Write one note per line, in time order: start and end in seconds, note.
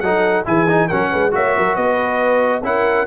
0.00 0.44 F#3
0.00 0.45 D#4
0.00 0.46 A4
0.00 0.43 F#5
0.45 0.90 E3
0.45 0.67 E4
0.45 0.88 G#4
0.45 0.88 G#5
0.67 0.89 D#4
0.88 1.12 F#3
0.88 1.31 C#4
0.88 1.10 A#4
0.88 1.31 F#5
1.10 1.34 G#3
1.10 1.32 B4
1.31 1.57 A#3
1.31 2.61 F#4
1.31 1.56 C#5
1.31 1.75 E5
1.56 1.76 F#3
1.56 1.75 A#4
1.75 2.63 B3
1.75 2.62 B4
1.75 2.62 D#5
2.63 3.06 C#4
2.63 3.07 E4
2.63 3.07 A#4
2.63 3.07 F#5